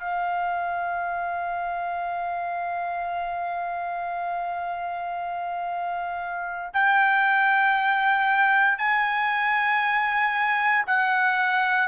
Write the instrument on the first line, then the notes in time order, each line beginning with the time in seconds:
trumpet
0.00 F5
6.73 G5
8.78 G#5
10.87 F#5